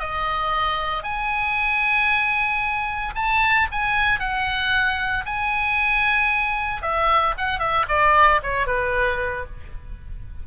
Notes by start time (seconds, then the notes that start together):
0.00 D#5
1.04 G#5
3.15 A5
3.72 G#5
4.20 F#5
5.26 G#5
6.82 E5
7.38 F#5
7.60 E5
7.89 D5
8.43 C#5
8.67 B4